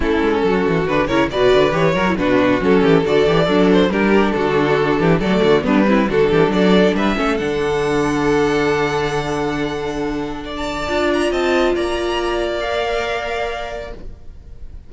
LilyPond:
<<
  \new Staff \with { instrumentName = "violin" } { \time 4/4 \tempo 4 = 138 a'2 b'8 cis''8 d''4 | cis''4 b'4 a'4 d''4~ | d''8 c''8 ais'4 a'2 | d''4 b'4 a'4 d''4 |
e''4 fis''2.~ | fis''1~ | fis''16 a''4~ a''16 ais''8 a''4 ais''4~ | ais''4 f''2. | }
  \new Staff \with { instrumentName = "violin" } { \time 4/4 e'4 fis'4. ais'8 b'4~ | b'8 ais'8 fis'4. g'8 a'4 | d'4 g'4 fis'4. g'8 | a'8 fis'8 d'8 e'8 fis'8 g'8 a'4 |
b'8 a'2.~ a'8~ | a'1 | d''2 dis''4 d''4~ | d''1 | }
  \new Staff \with { instrumentName = "viola" } { \time 4/4 cis'2 d'8 e'8 fis'4 | g'8 fis'16 e'16 d'4 cis'4 fis'8 g'8 | a'4 d'2. | a4 b8 c'8 d'2~ |
d'8 cis'8 d'2.~ | d'1~ | d'4 f'2.~ | f'4 ais'2. | }
  \new Staff \with { instrumentName = "cello" } { \time 4/4 a8 gis8 fis8 e8 d8 cis8 b,8 d8 | e8 fis8 b,4 fis8 e8 d8 e8 | fis4 g4 d4. e8 | fis8 d8 g4 d8 e8 fis4 |
g8 a8 d2.~ | d1~ | d4 d'4 c'4 ais4~ | ais1 | }
>>